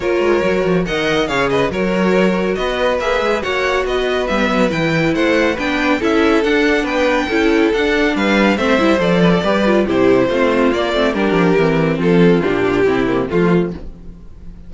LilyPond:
<<
  \new Staff \with { instrumentName = "violin" } { \time 4/4 \tempo 4 = 140 cis''2 fis''4 f''8 dis''8 | cis''2 dis''4 e''4 | fis''4 dis''4 e''4 g''4 | fis''4 g''4 e''4 fis''4 |
g''2 fis''4 f''4 | e''4 d''2 c''4~ | c''4 d''4 ais'2 | a'4 g'2 f'4 | }
  \new Staff \with { instrumentName = "violin" } { \time 4/4 ais'2 dis''4 cis''8 b'8 | ais'2 b'2 | cis''4 b'2. | c''4 b'4 a'2 |
b'4 a'2 b'4 | c''4. b'16 a'16 b'4 g'4 | f'2 g'2 | f'2 e'4 f'4 | }
  \new Staff \with { instrumentName = "viola" } { \time 4/4 f'4 fis'4 ais'4 gis'4 | fis'2. gis'4 | fis'2 b4 e'4~ | e'4 d'4 e'4 d'4~ |
d'4 e'4 d'2 | c'8 e'8 a'4 g'8 f'8 e'4 | c'4 ais8 c'8 d'4 c'4~ | c'4 d'4 c'8 ais8 a4 | }
  \new Staff \with { instrumentName = "cello" } { \time 4/4 ais8 gis8 fis8 f8 dis4 cis4 | fis2 b4 ais8 gis8 | ais4 b4 g8 fis8 e4 | a4 b4 cis'4 d'4 |
b4 cis'4 d'4 g4 | a8 g8 f4 g4 c4 | a4 ais8 a8 g8 f8 e4 | f4 ais,4 c4 f4 | }
>>